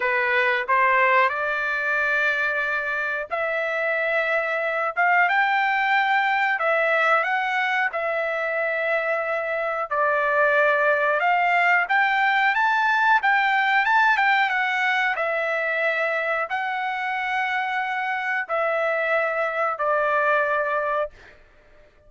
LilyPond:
\new Staff \with { instrumentName = "trumpet" } { \time 4/4 \tempo 4 = 91 b'4 c''4 d''2~ | d''4 e''2~ e''8 f''8 | g''2 e''4 fis''4 | e''2. d''4~ |
d''4 f''4 g''4 a''4 | g''4 a''8 g''8 fis''4 e''4~ | e''4 fis''2. | e''2 d''2 | }